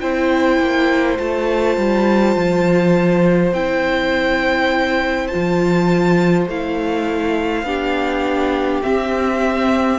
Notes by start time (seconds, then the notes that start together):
0.00 C4 E4 C5 G5
0.59 A#3
1.17 A3 F4 A5
1.76 G3
2.36 F3
3.52 C4 E4 G5
5.27 F4 A5
5.34 F3
6.47 A3 E4 F5
7.63 B3 D4 G4
8.82 C4 E5